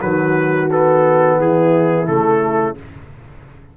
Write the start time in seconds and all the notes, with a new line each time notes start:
0.00 D#3 F#3 F#4 B4
0.72 B3 A4
1.39 E3 E4 G#4
2.07 C#3 A3 A4